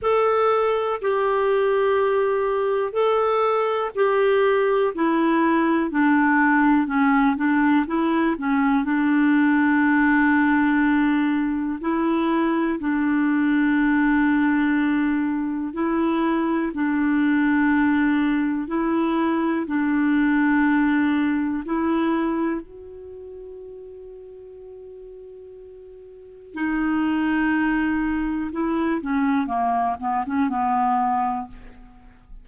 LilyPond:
\new Staff \with { instrumentName = "clarinet" } { \time 4/4 \tempo 4 = 61 a'4 g'2 a'4 | g'4 e'4 d'4 cis'8 d'8 | e'8 cis'8 d'2. | e'4 d'2. |
e'4 d'2 e'4 | d'2 e'4 fis'4~ | fis'2. dis'4~ | dis'4 e'8 cis'8 ais8 b16 cis'16 b4 | }